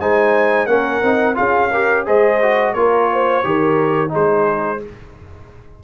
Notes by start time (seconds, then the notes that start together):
0.00 G#3 D#4 C5 G#5
0.67 A#3 C#4 A#4 F#5
1.03 C4 D#4
1.35 C#4 F4 G#4 F5
1.72 G4 A#4
2.06 G#3 G#4 C5 D#5
2.42 F#4
2.74 A#3 F4 A#4 C#5
3.13 C5
3.44 D#3 G4 A#4
4.09 G#3 D#4 G#4
4.15 C5